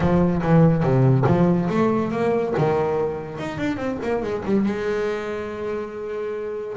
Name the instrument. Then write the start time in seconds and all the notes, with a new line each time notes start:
double bass
0.00 F3
0.42 E3
0.83 C3
1.26 F3
1.69 A3
2.11 A#3
2.57 D#3
3.38 D#4
3.58 D4
3.77 C4
4.02 A#3
4.23 G#3
4.45 G3
4.65 G#3